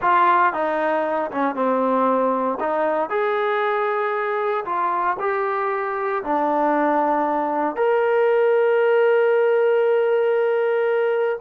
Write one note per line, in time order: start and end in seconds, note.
0.01 0.53 F4
0.53 1.30 D#4
1.31 1.55 C#4
1.55 2.58 C4
2.60 3.09 D#4
3.09 4.65 G#4
4.65 5.16 F4
5.19 6.23 G4
6.23 7.76 D4
7.76 11.38 A#4